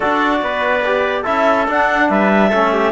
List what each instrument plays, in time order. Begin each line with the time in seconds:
0.00 cello D4, trombone F#4, trumpet A4, clarinet D5
0.42 cello B3, trumpet B4
0.85 trombone G4
1.22 cello C#4, trombone E4, trumpet A4, clarinet E5
1.67 trombone D4, cello D4, clarinet F#5
2.09 cello G3, trumpet B4, clarinet E5
2.49 cello A3, trombone C#4, trumpet A4
2.73 trumpet G4